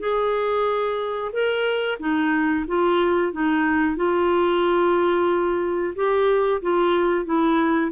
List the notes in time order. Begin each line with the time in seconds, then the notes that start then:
0.00 G#4
1.33 A#4
2.00 D#4
2.68 F4
3.33 D#4
3.97 F4
5.96 G4
6.62 F4
7.26 E4